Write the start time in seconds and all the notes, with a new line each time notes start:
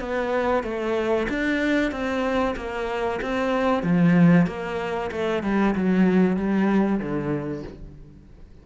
0.00 B3
0.64 A3
1.29 D4
1.91 C4
2.56 A#3
3.22 C4
3.83 F3
4.47 A#3
5.12 A3
5.43 G3
5.75 F#3
6.37 G3
7.00 D3